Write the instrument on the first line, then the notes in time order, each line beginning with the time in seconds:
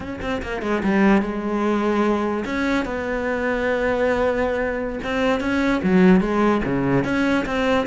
cello
0.00 C#4
0.21 C4
0.42 A#3
0.61 G#3
0.83 G3
1.21 G#3
2.45 C#4
2.85 B3
5.03 C4
5.40 C#4
5.83 F#3
6.20 G#3
6.64 C#3
7.04 C#4
7.45 C4